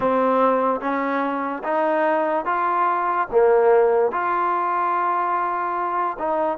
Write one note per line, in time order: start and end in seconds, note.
0.00 0.80 C4
0.80 1.62 C#4
1.63 2.45 D#4
2.45 3.27 F4
3.31 4.11 A#3
4.11 6.17 F4
6.18 6.58 D#4